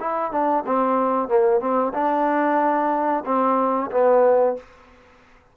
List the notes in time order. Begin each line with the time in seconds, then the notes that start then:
0.00 E4
0.31 D4
0.66 C4
1.28 A#3
1.60 C4
1.94 D4
3.25 C4
3.91 B3